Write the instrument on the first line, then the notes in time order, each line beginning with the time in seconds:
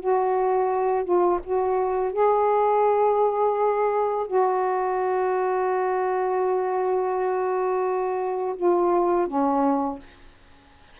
saxophone
0.00 F#4
1.04 F4
1.44 F#4
2.13 G#4
4.27 F#4
8.56 F4
9.28 C#4